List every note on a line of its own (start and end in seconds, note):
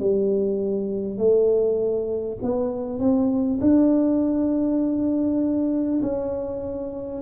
0.00 1.18 G3
1.18 2.38 A3
2.42 2.99 B3
2.99 3.59 C4
3.61 6.01 D4
6.02 7.22 C#4